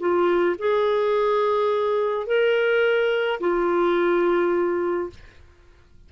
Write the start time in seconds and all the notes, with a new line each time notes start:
0.00 F4
0.59 G#4
2.27 A#4
3.40 F4